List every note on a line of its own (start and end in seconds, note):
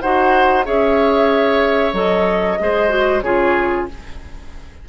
0.00 0.66 D#4
0.00 0.64 F#4
0.00 0.65 C5
0.00 0.65 F#5
0.64 1.93 C#4
0.64 1.93 G#4
0.64 2.59 C#5
0.64 1.93 E5
1.93 2.57 F#3
1.93 2.57 A4
1.93 3.20 D#5
2.58 3.22 G#3
2.58 2.88 G#4
2.58 3.23 C5
2.88 3.21 F#4
3.20 3.86 C#3
3.20 3.88 F4
3.20 3.88 G#4
3.20 3.85 C#5